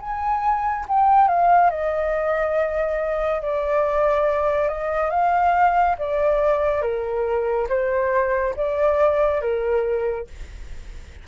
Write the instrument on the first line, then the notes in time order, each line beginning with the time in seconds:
flute
0.00 G#5
0.88 G5
1.28 F5
1.70 D#5
3.42 D5
4.68 D#5
5.10 F5
5.98 D5
6.81 A#4
7.69 C5
8.56 D5
9.41 A#4